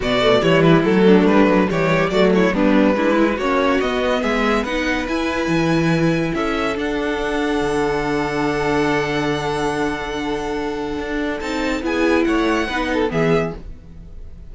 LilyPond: <<
  \new Staff \with { instrumentName = "violin" } { \time 4/4 \tempo 4 = 142 d''4 cis''8 b'8 a'4 b'4 | cis''4 d''8 cis''8 b'2 | cis''4 dis''4 e''4 fis''4 | gis''2. e''4 |
fis''1~ | fis''1~ | fis''2. a''4 | gis''4 fis''2 e''4 | }
  \new Staff \with { instrumentName = "violin" } { \time 4/4 fis'4 e'4. d'4. | g'4 fis'8 e'8 d'4 e'4 | fis'2 gis'4 b'4~ | b'2. a'4~ |
a'1~ | a'1~ | a'1 | gis'4 cis''4 b'8 a'8 gis'4 | }
  \new Staff \with { instrumentName = "viola" } { \time 4/4 b8 a8 g4 a2 | g4 a4 b4 d'8 e'8 | cis'4 b2 dis'4 | e'1 |
d'1~ | d'1~ | d'2. dis'4 | e'2 dis'4 b4 | }
  \new Staff \with { instrumentName = "cello" } { \time 4/4 b,4 e4 fis4 g8 fis8 | e4 fis4 g4 gis4 | ais4 b4 gis4 b4 | e'4 e2 cis'4 |
d'2 d2~ | d1~ | d2 d'4 c'4 | b4 a4 b4 e4 | }
>>